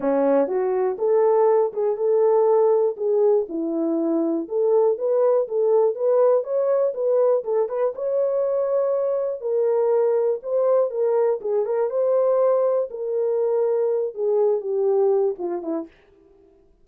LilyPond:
\new Staff \with { instrumentName = "horn" } { \time 4/4 \tempo 4 = 121 cis'4 fis'4 a'4. gis'8 | a'2 gis'4 e'4~ | e'4 a'4 b'4 a'4 | b'4 cis''4 b'4 a'8 b'8 |
cis''2. ais'4~ | ais'4 c''4 ais'4 gis'8 ais'8 | c''2 ais'2~ | ais'8 gis'4 g'4. f'8 e'8 | }